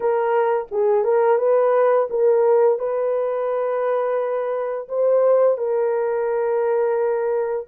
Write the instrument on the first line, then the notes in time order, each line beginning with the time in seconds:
horn
0.00 A#4
0.71 G#4
1.04 A#4
1.38 B4
2.10 A#4
2.78 B4
4.88 C5
5.57 A#4